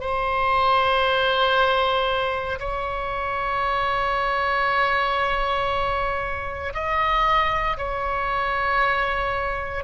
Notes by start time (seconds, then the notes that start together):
0.00 C5
2.59 C#5
6.73 D#5
7.77 C#5